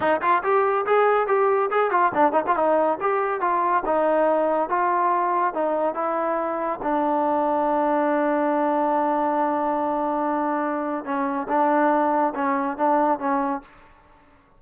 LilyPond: \new Staff \with { instrumentName = "trombone" } { \time 4/4 \tempo 4 = 141 dis'8 f'8 g'4 gis'4 g'4 | gis'8 f'8 d'8 dis'16 f'16 dis'4 g'4 | f'4 dis'2 f'4~ | f'4 dis'4 e'2 |
d'1~ | d'1~ | d'2 cis'4 d'4~ | d'4 cis'4 d'4 cis'4 | }